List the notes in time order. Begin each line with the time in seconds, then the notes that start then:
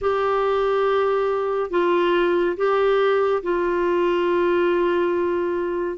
0.01 G4
1.70 F4
2.56 G4
3.42 F4